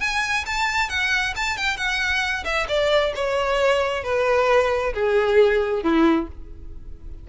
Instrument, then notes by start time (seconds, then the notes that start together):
violin
0.00 G#5
0.46 A5
0.89 F#5
1.36 A5
1.57 G5
1.77 F#5
2.44 E5
2.68 D5
3.15 C#5
4.03 B4
4.93 G#4
5.83 E4